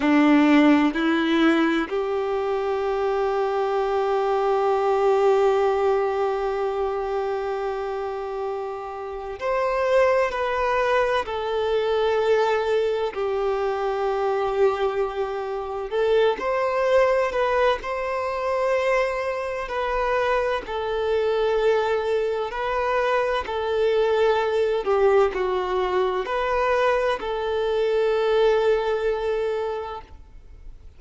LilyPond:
\new Staff \with { instrumentName = "violin" } { \time 4/4 \tempo 4 = 64 d'4 e'4 g'2~ | g'1~ | g'2 c''4 b'4 | a'2 g'2~ |
g'4 a'8 c''4 b'8 c''4~ | c''4 b'4 a'2 | b'4 a'4. g'8 fis'4 | b'4 a'2. | }